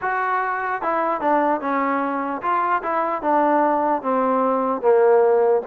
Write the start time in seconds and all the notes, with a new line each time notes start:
0.01 F#4
0.82 E4
1.20 D4
1.61 C#4
2.42 F4
2.83 E4
3.22 D4
4.02 C4
4.81 A#3